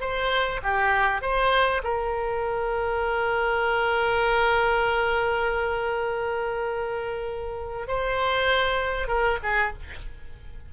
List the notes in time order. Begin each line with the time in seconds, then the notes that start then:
0.00 C5
0.63 G4
1.21 C5
1.84 A#4
7.87 C5
9.08 A#4
9.42 G#4